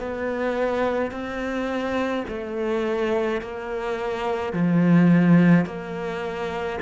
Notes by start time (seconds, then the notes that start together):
0.00 B3
1.12 C4
2.28 A3
3.42 A#3
4.53 F3
5.66 A#3